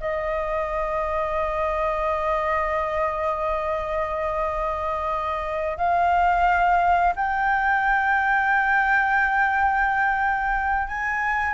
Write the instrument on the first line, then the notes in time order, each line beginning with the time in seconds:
flute
0.00 D#5
5.77 F5
7.16 G5
10.88 G#5